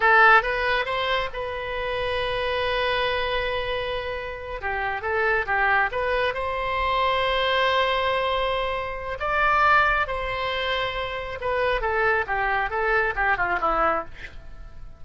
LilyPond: \new Staff \with { instrumentName = "oboe" } { \time 4/4 \tempo 4 = 137 a'4 b'4 c''4 b'4~ | b'1~ | b'2~ b'8 g'4 a'8~ | a'8 g'4 b'4 c''4.~ |
c''1~ | c''4 d''2 c''4~ | c''2 b'4 a'4 | g'4 a'4 g'8 f'8 e'4 | }